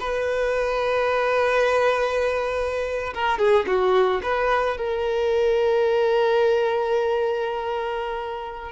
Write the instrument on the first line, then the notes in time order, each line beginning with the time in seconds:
violin
0.00 B4
3.14 A#4
3.38 G#4
3.67 F#4
4.23 B4
4.77 A#4